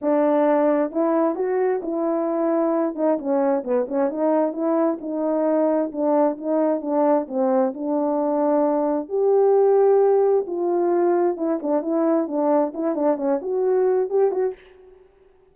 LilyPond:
\new Staff \with { instrumentName = "horn" } { \time 4/4 \tempo 4 = 132 d'2 e'4 fis'4 | e'2~ e'8 dis'8 cis'4 | b8 cis'8 dis'4 e'4 dis'4~ | dis'4 d'4 dis'4 d'4 |
c'4 d'2. | g'2. f'4~ | f'4 e'8 d'8 e'4 d'4 | e'8 d'8 cis'8 fis'4. g'8 fis'8 | }